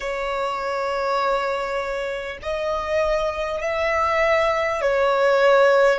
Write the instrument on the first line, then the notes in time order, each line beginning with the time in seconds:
violin
0.00 C#5
2.42 D#5
3.61 E5
4.81 C#5